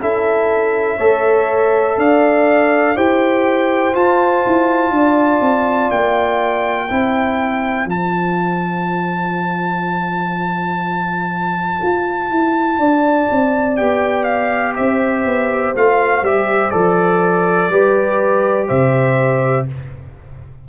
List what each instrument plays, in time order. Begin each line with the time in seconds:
0.00 tuba C#4, trombone E4, horn A4, trumpet E5
0.97 tuba A3, trombone A4, horn C#5
1.97 tuba D4, horn D5, trumpet F5
2.95 tuba E4, trombone G4, horn C5, trumpet G5
3.94 trombone F4, tuba F4, trumpet A5
4.46 tuba E4
4.90 tuba D4, horn D5
5.41 tuba C4
5.91 tuba A#3, trumpet G5
6.87 tuba C4, trombone E4, horn C5
7.85 tuba F3, trombone F4, trumpet A5
11.82 tuba F4
12.30 tuba E4
12.78 tuba D4, horn D5
13.31 tuba C4
13.77 tuba B3, trombone G4, trumpet G5
14.24 trumpet F5
14.75 tuba C4, horn C5, trumpet E5
15.25 tuba B3
15.75 tuba A3, trombone F4, trumpet F5
16.22 tuba G3, trombone G4, trumpet E5
16.70 tuba F3, trombone A4, trumpet D5
17.69 tuba G3, trombone G4, horn B4
18.67 tuba C3, horn C5, trumpet E5